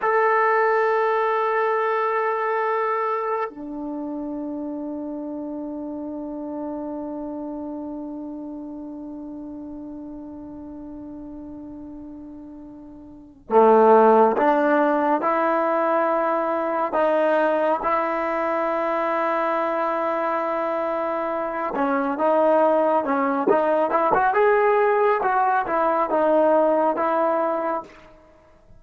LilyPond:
\new Staff \with { instrumentName = "trombone" } { \time 4/4 \tempo 4 = 69 a'1 | d'1~ | d'1~ | d'2.~ d'8 a8~ |
a8 d'4 e'2 dis'8~ | dis'8 e'2.~ e'8~ | e'4 cis'8 dis'4 cis'8 dis'8 e'16 fis'16 | gis'4 fis'8 e'8 dis'4 e'4 | }